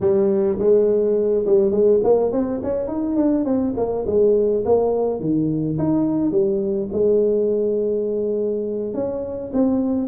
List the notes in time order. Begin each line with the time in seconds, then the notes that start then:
0.00 G3
0.58 G#3
1.46 G3
1.71 G#3
2.03 A#3
2.32 C4
2.63 C#4
2.87 D#4
3.16 D4
3.45 C4
3.76 A#3
4.06 G#3
4.65 A#3
5.19 D#3
5.78 D#4
6.31 G3
6.92 G#3
8.93 C#4
9.53 C4